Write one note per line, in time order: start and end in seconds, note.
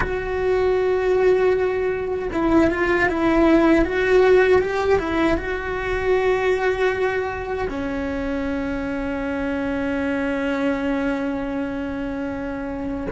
0.00 2.28 F#4
2.33 2.70 E4
2.70 3.08 F4
3.08 3.84 E4
3.84 4.61 F#4
4.62 4.99 G4
4.99 5.37 E4
5.37 7.67 F#4
7.68 13.07 C#4